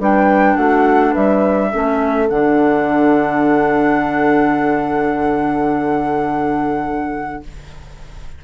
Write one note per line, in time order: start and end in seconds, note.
0.00 0.57 G3
0.00 1.72 D4
0.00 0.57 B4
0.00 0.57 G5
0.57 1.15 A3
0.57 1.12 F#4
0.57 1.14 F#5
1.12 1.74 G3
1.12 1.69 B4
1.12 2.29 E5
1.71 2.30 A3
1.71 2.29 C#4
1.71 7.43 A4
2.29 7.45 D3
2.29 7.43 D4
2.29 7.44 F#5